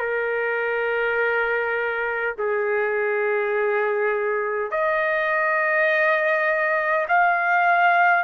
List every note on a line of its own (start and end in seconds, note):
0.00 2.35 A#4
2.39 4.71 G#4
4.71 7.06 D#5
7.09 8.24 F5